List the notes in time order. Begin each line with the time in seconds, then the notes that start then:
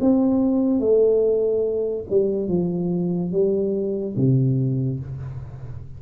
0.00 C4
0.79 A3
2.09 G3
2.48 F3
3.31 G3
4.16 C3